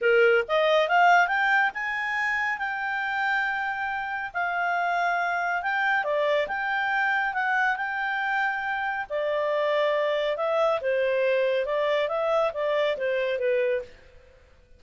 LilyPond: \new Staff \with { instrumentName = "clarinet" } { \time 4/4 \tempo 4 = 139 ais'4 dis''4 f''4 g''4 | gis''2 g''2~ | g''2 f''2~ | f''4 g''4 d''4 g''4~ |
g''4 fis''4 g''2~ | g''4 d''2. | e''4 c''2 d''4 | e''4 d''4 c''4 b'4 | }